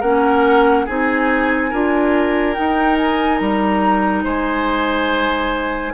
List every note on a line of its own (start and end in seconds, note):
0.00 0.86 A#3
0.00 0.87 C#4
0.00 0.85 A#4
0.00 0.85 F#5
0.85 1.72 C4
0.85 1.72 D#4
0.85 1.69 G#4
0.85 2.54 G#5
1.70 2.57 D4
1.70 2.55 F4
1.70 4.23 A#4
2.54 5.93 D#4
2.54 3.40 D#4
2.54 2.96 G5
2.98 3.38 G#5
3.38 4.23 G3
3.38 4.22 A#5
4.23 5.92 G#3
4.23 5.92 C5
4.23 5.94 G#5